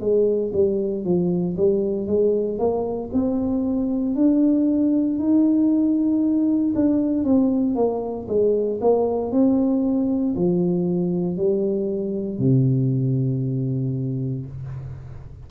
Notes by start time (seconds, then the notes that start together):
0.00 G#3
0.53 G3
1.04 F3
1.57 G3
2.07 G#3
2.58 A#3
3.13 C4
4.15 D4
5.19 D#4
6.75 D4
7.24 C4
7.75 A#3
8.28 G#3
8.81 A#3
9.32 C4
10.35 F3
11.37 G3
12.39 C3